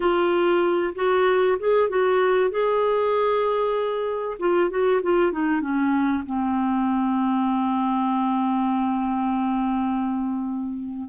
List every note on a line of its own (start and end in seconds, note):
0.00 0.93 F4
0.95 1.57 F#4
1.59 1.89 G#4
1.89 2.50 F#4
2.50 4.38 G#4
4.39 4.69 F4
4.69 5.01 F#4
5.02 5.32 F4
5.32 5.61 D#4
5.61 6.23 C#4
6.26 11.09 C4